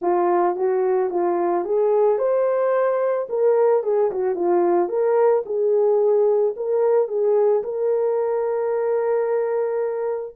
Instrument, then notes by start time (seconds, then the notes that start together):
horn
0.01 F4
0.56 F#4
1.10 F4
1.64 G#4
2.18 C5
3.29 A#4
3.83 G#4
4.11 F#4
4.35 F4
4.88 A#4
5.45 G#4
6.56 A#4
7.08 G#4
7.63 A#4